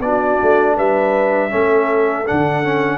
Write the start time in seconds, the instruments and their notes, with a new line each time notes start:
0.00 tuba B3, trombone D4, horn F#4, trumpet D5
0.43 tuba A3
0.76 tuba G3, horn B4, trumpet E5
1.50 tuba A3, trombone C#4, horn A4
2.26 tuba D3, trombone D4, trumpet F#5
2.64 trombone C#4